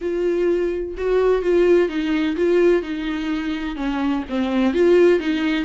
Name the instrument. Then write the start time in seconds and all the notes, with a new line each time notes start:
viola
0.01 F4
0.97 F#4
1.42 F4
1.88 D#4
2.36 F4
2.82 D#4
3.76 C#4
4.29 C4
4.73 F4
5.19 D#4